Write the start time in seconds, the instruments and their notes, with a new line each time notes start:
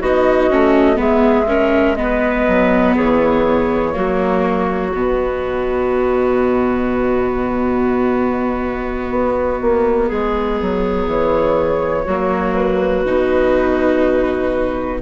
0.00 bassoon B3, viola D#4, clarinet F#4, flute D#5
0.50 bassoon A3, viola C#4
0.96 bassoon G#3, viola B3, clarinet G#4, flute E5
1.47 viola C#4, clarinet A#4
1.96 viola B3, clarinet B4, flute D#5
2.48 bassoon F#3
2.96 bassoon E3, clarinet G#4, flute C#5
3.94 bassoon F#3, viola A#3, clarinet F#4
4.93 bassoon B2, viola B3, flute D#5
9.11 bassoon B3
9.61 bassoon A#3
10.08 bassoon G#3, clarinet G#4
10.61 bassoon F#3
11.07 bassoon E3, flute C#5
12.05 bassoon F#3, viola A#3, clarinet F#4
12.55 flute B4
13.06 bassoon B2, viola D#4